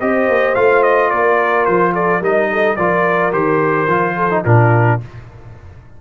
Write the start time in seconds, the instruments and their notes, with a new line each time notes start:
0.00 tuba C4, trombone G4, horn C5, trumpet D#5
0.28 tuba A#3
0.55 tuba A3, trombone F4, trumpet F5
0.83 trumpet D#5
1.10 tuba A#3, horn A#4, trumpet D5
1.65 tuba F3, trumpet C5
1.93 horn A4, trumpet D5
2.21 tuba G3, trombone D#4, horn A#4, trumpet D#5
2.52 horn A4
2.76 tuba F3, trombone F4, horn A#4, trumpet D5
3.32 tuba D#3, trombone G4, trumpet C5
3.87 tuba F3, trombone F4
4.16 horn A4
4.30 trombone D#4
4.44 tuba A#2, trombone D4, horn F4, trumpet A#4